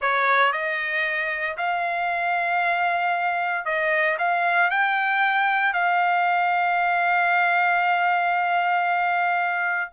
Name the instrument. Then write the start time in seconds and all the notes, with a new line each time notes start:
trumpet
0.01 C#5
0.52 D#5
1.57 F5
3.65 D#5
4.18 F5
4.70 G5
5.73 F5